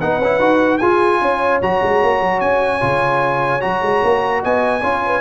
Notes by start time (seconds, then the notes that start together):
0.00 B3 D#4 B4 F#5
0.20 C#4 E4
0.39 D#4 F#4
0.79 F4 G#4 G#5
1.21 C#4 C#5
1.62 F#3 F#4 A#5
1.83 G#3
2.03 A#3
2.21 F#3
2.41 C#4 G#5
2.81 C#3 F4
3.61 F#3 F#4 A#5
3.83 G#3
4.04 A#3
4.43 B3 D#5 G#5
4.82 C#4 F4 C#5
5.06 B4